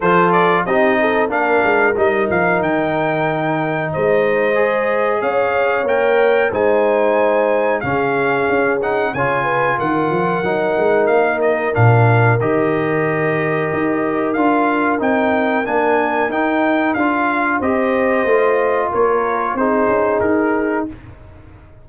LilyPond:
<<
  \new Staff \with { instrumentName = "trumpet" } { \time 4/4 \tempo 4 = 92 c''8 d''8 dis''4 f''4 dis''8 f''8 | g''2 dis''2 | f''4 g''4 gis''2 | f''4. fis''8 gis''4 fis''4~ |
fis''4 f''8 dis''8 f''4 dis''4~ | dis''2 f''4 g''4 | gis''4 g''4 f''4 dis''4~ | dis''4 cis''4 c''4 ais'4 | }
  \new Staff \with { instrumentName = "horn" } { \time 4/4 a'4 g'8 a'8 ais'2~ | ais'2 c''2 | cis''2 c''2 | gis'2 cis''8 b'8 ais'4~ |
ais'1~ | ais'1~ | ais'2. c''4~ | c''4 ais'4 gis'2 | }
  \new Staff \with { instrumentName = "trombone" } { \time 4/4 f'4 dis'4 d'4 dis'4~ | dis'2. gis'4~ | gis'4 ais'4 dis'2 | cis'4. dis'8 f'2 |
dis'2 d'4 g'4~ | g'2 f'4 dis'4 | d'4 dis'4 f'4 g'4 | f'2 dis'2 | }
  \new Staff \with { instrumentName = "tuba" } { \time 4/4 f4 c'4 ais8 gis8 g8 f8 | dis2 gis2 | cis'4 ais4 gis2 | cis4 cis'4 cis4 dis8 f8 |
fis8 gis8 ais4 ais,4 dis4~ | dis4 dis'4 d'4 c'4 | ais4 dis'4 d'4 c'4 | a4 ais4 c'8 cis'8 dis'4 | }
>>